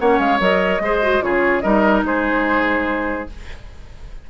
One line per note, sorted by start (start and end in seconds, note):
0.00 0.20 A#3
0.00 0.40 C#4
0.00 0.83 C#5
0.00 0.20 F#5
0.20 0.40 G#3
0.20 0.40 F5
0.40 0.80 F#3
0.40 0.81 A#4
0.40 1.23 D#5
0.80 1.21 G#3
0.80 1.03 G#4
0.80 1.24 C5
1.03 1.22 F#4
1.22 1.64 C#3
1.22 1.63 F4
1.22 1.63 G#4
1.22 1.61 C#5
1.61 2.04 G3
1.61 3.27 D#4
1.61 2.05 A#4
1.61 2.02 D#5
2.04 3.28 G#3
2.04 3.31 G#4
2.04 3.30 C5